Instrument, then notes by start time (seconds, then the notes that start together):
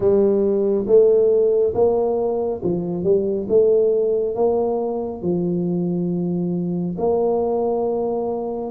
tuba
0.00 G3
0.87 A3
1.74 A#3
2.63 F3
3.03 G3
3.48 A3
4.35 A#3
5.22 F3
6.98 A#3